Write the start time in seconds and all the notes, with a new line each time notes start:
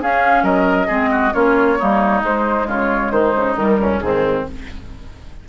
0.00 C#4 G#4 F5
0.43 F#3 A#4 D#5
0.87 G#3 C4 G#4
1.11 F#4
1.34 A#3 C#4 F4 C#5
1.79 G3 A#3 D#4
2.23 G#3 C5
2.67 C#3 F4 C#5
3.11 D#3 D#4 C5
3.36 C#3
3.56 D#3 G3 A#4
3.78 C#2 C#4
4.00 G#2 D#3 C4 G#4